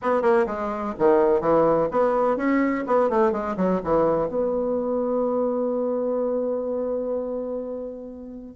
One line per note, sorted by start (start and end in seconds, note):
0.02 0.22 B3
0.22 0.45 A#3
0.46 0.94 G#3
0.98 1.40 D#3
1.40 1.88 E3
1.91 2.37 B3
2.37 2.84 C#4
2.86 3.09 B3
3.09 3.32 A3
3.32 3.55 G#3
3.56 3.80 F#3
3.84 4.28 E3
4.28 8.55 B3